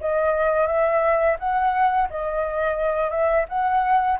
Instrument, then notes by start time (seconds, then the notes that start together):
flute
0.00 D#5
0.67 E5
1.39 F#5
2.09 D#5
3.10 E5
3.49 F#5